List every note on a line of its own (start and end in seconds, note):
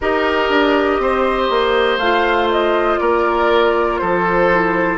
0.01 0.49 D#4
0.01 2.01 G4
0.01 1.01 A#4
0.01 1.98 D#5
0.49 0.99 D4
0.99 1.49 C4
0.99 3.00 C5
1.50 1.97 A#3
1.97 2.97 A3
1.97 4.51 F4
1.97 2.48 F5
2.51 2.99 D#5
2.99 4.00 A#3
2.99 4.00 A#4
2.99 3.97 D5
3.97 4.98 F3
3.97 4.98 A4
3.97 4.97 C5
4.51 4.98 E4